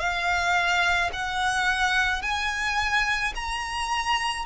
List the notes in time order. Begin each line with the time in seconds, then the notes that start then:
0.00 F5
1.13 F#5
2.23 G#5
3.35 A#5